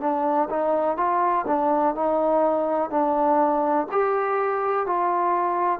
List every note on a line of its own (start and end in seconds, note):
0.00 0.48 D4
0.50 0.97 D#4
0.97 1.45 F4
1.47 1.95 D4
1.95 2.90 D#4
2.90 3.87 D4
3.91 4.86 G4
4.86 5.80 F4